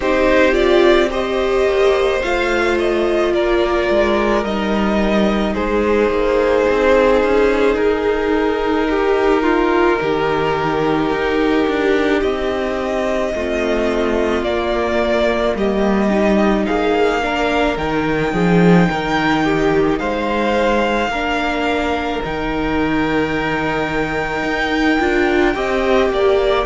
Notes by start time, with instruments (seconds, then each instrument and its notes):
0.00 cello C4, viola D#4, violin G4 C5
0.52 viola F4, violin D5
1.10 viola G4, violin C5 D#5
1.64 cello A#3
2.22 cello A3, viola F4, violin F5
2.78 violin D#5
3.33 cello A#3, violin A#4 D5
3.89 cello G#3
4.44 cello G3, viola D#4, violin D#5
5.54 cello G#3, violin G#4 C5
6.09 cello A#3
6.69 cello C4
7.23 cello C#4
7.75 cello D#4, violin A#4
8.89 violin G4
9.43 violin F4
10.01 cello D#3, violin G4
11.11 cello D#4
11.67 cello D4
12.21 cello C4, violin D#5
13.34 cello A3, viola C4, violin F4
14.42 cello A#3, viola A#3, violin D5
15.55 cello G3, violin G4 D#5
16.10 viola D#4
16.66 cello A#3, violin G#4 F5
17.21 viola D4, violin A#4
17.77 cello D#3, viola D#4, violin G5
18.33 cello F3, violin G#4
18.89 cello D#3, violin A#4
19.44 violin G4
19.98 cello G#3, violin C5 F5
21.08 cello A#3, viola D4, violin A#4
22.23 cello D#3, viola D#4, violin G5
24.42 cello D#4
25.00 cello D4, viola F4
25.54 cello C4, viola G4, violin D#5
26.09 cello A#3, violin D5